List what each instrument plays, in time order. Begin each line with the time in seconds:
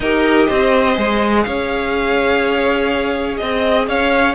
0.00 cello D#4, viola G4, violin A#4 D#5
0.46 cello C4, violin C5
0.95 cello G#3, viola G#4
1.43 cello C#4, violin C#5 F5
3.37 cello C4, violin D#5
3.87 cello C#4, violin C#5 F5